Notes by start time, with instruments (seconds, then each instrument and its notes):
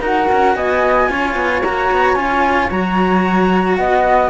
0.00 cello D#4 F#4, flute A#4 F#5
0.32 cello C#4
0.55 cello B3, flute D#5 G#5
1.09 cello C#4 F4, flute C#5
1.36 cello B3
1.63 cello A#3 F#4, flute A#5
1.92 cello B3
2.15 cello C#4 F4, flute G#5
2.71 cello F#3 F#4, flute A#5
3.76 cello B3, flute D#5 F#5